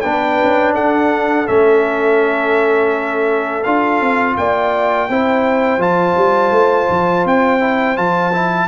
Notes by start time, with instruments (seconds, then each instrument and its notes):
0.00 tuba B3, trombone D4, horn B4, trumpet G5
0.43 tuba C#4
0.74 tuba D4, horn A4, trumpet F#5
1.46 tuba A3, trombone C#4, trumpet E5
3.63 tuba D4, trombone F4, trumpet F5
4.00 tuba C4
4.37 tuba A#3, horn D5, trumpet G5
5.09 tuba C4, trombone E4, horn C5
5.77 tuba F3, trombone F4, trumpet A5
6.16 tuba G3
6.51 tuba A3
6.89 tuba F3
7.25 tuba C4, trumpet G5
7.59 trombone E4
7.95 tuba F3, trombone F4, trumpet A5
8.32 trombone E4